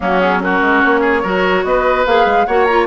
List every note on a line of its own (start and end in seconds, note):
0.00 0.61 F#3
0.00 0.19 A#3
0.00 0.42 C#4
0.00 0.19 F#4
0.19 0.40 B3
0.19 0.40 G#4
0.40 1.22 C#4
0.40 1.01 F#4
0.40 0.82 A#4
0.61 0.82 G#3
0.82 1.24 A#3
0.82 1.64 C#5
1.01 1.21 G#4
1.22 1.64 F#3
1.22 2.06 F#4
1.22 1.63 A#4
1.64 2.05 B3
1.64 2.46 B4
1.64 2.05 D#5
2.06 2.25 A#3
2.06 2.47 G#4
2.06 2.45 F5
2.25 2.46 G#3
2.45 2.86 A#3
2.45 2.68 F#4
2.45 2.86 C#5
2.45 2.64 F#5
2.64 2.86 F4
2.64 2.85 A#5